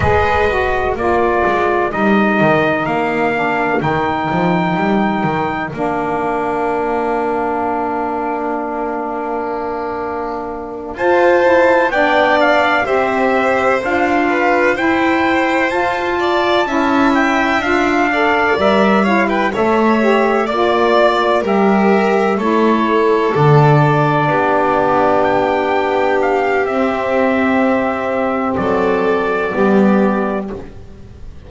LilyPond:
<<
  \new Staff \with { instrumentName = "trumpet" } { \time 4/4 \tempo 4 = 63 dis''4 d''4 dis''4 f''4 | g''2 f''2~ | f''2.~ f''8 a''8~ | a''8 g''8 f''8 e''4 f''4 g''8~ |
g''8 a''4. g''8 f''4 e''8 | f''16 g''16 e''4 d''4 e''4 cis''8~ | cis''8 d''2 g''4 f''8 | e''2 d''2 | }
  \new Staff \with { instrumentName = "violin" } { \time 4/4 b'4 ais'2.~ | ais'1~ | ais'2.~ ais'8 c''8~ | c''8 d''4 c''4. b'8 c''8~ |
c''4 d''8 e''4. d''4 | cis''16 b'16 cis''4 d''4 ais'4 a'8~ | a'4. g'2~ g'8~ | g'2 a'4 g'4 | }
  \new Staff \with { instrumentName = "saxophone" } { \time 4/4 gis'8 fis'8 f'4 dis'4. d'8 | dis'2 d'2~ | d'2.~ d'8 f'8 | e'8 d'4 g'4 f'4 e'8~ |
e'8 f'4 e'4 f'8 a'8 ais'8 | e'8 a'8 g'8 f'4 g'4 e'8~ | e'8 d'2.~ d'8 | c'2. b4 | }
  \new Staff \with { instrumentName = "double bass" } { \time 4/4 gis4 ais8 gis8 g8 dis8 ais4 | dis8 f8 g8 dis8 ais2~ | ais2.~ ais8 f'8~ | f'8 b4 c'4 d'4 e'8~ |
e'8 f'4 cis'4 d'4 g8~ | g8 a4 ais4 g4 a8~ | a8 d4 b2~ b8 | c'2 fis4 g4 | }
>>